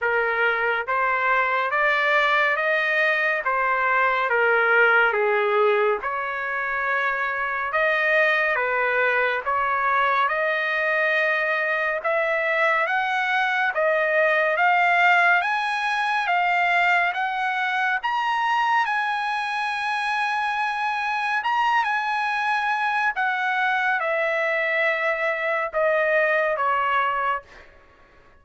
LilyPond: \new Staff \with { instrumentName = "trumpet" } { \time 4/4 \tempo 4 = 70 ais'4 c''4 d''4 dis''4 | c''4 ais'4 gis'4 cis''4~ | cis''4 dis''4 b'4 cis''4 | dis''2 e''4 fis''4 |
dis''4 f''4 gis''4 f''4 | fis''4 ais''4 gis''2~ | gis''4 ais''8 gis''4. fis''4 | e''2 dis''4 cis''4 | }